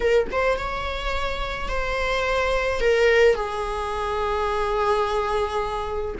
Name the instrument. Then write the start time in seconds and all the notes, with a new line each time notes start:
viola
0.00 A#4
0.31 C5
0.58 C#5
1.68 C5
2.80 A#4
3.35 G#4